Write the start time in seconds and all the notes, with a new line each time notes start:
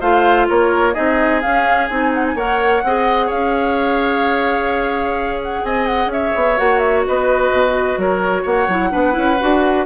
0.00 A3 F4 C5 F5
0.49 A#3 A#4 C#5
0.93 C4 D#4 G#4 D#5
1.41 C#4 F5
1.89 C4 D#4 G#5
2.14 F#5
2.26 G#5
2.35 A#3 A#4 C#5 F#5
2.83 C4 G#4 D#5
3.26 C#4 C#5 F5
5.42 F#5
5.63 C4 D#5 G#5
5.86 F#5
6.06 C#4 E5
6.12 C#5
6.35 B3
6.57 A#3 F#4 F#5
6.79 E5
7.07 B3 B4 D#5
7.51 B2
7.97 F#3 A#4 C#5
8.42 A#3 C#5 F#5
8.67 F#3 E4
8.91 B3 D4 B4
9.12 C#4 E4
9.40 D4 F#4